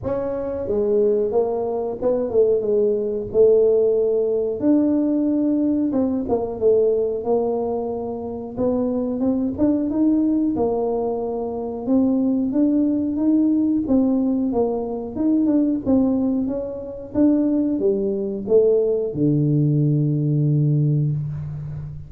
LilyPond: \new Staff \with { instrumentName = "tuba" } { \time 4/4 \tempo 4 = 91 cis'4 gis4 ais4 b8 a8 | gis4 a2 d'4~ | d'4 c'8 ais8 a4 ais4~ | ais4 b4 c'8 d'8 dis'4 |
ais2 c'4 d'4 | dis'4 c'4 ais4 dis'8 d'8 | c'4 cis'4 d'4 g4 | a4 d2. | }